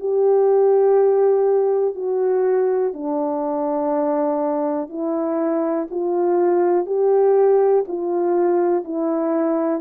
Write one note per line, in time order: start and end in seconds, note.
0.00 1.95 G4
1.95 2.93 F#4
2.93 4.89 D4
4.89 5.87 E4
5.91 6.86 F4
6.86 7.85 G4
7.88 8.84 F4
8.84 9.80 E4